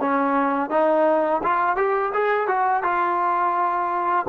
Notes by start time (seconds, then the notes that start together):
0.00 C#4
0.70 D#4
1.43 F4
1.76 G4
2.13 G#4
2.47 F#4
2.83 F4